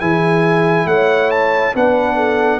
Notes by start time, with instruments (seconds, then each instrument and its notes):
0.00 tuba E3, trombone E4, horn G#4, trumpet G#5
0.86 tuba A3, horn C#5, trumpet F#5
1.31 trumpet A5
1.75 tuba B3, trombone D4, horn B4, trumpet F#5
2.16 horn A4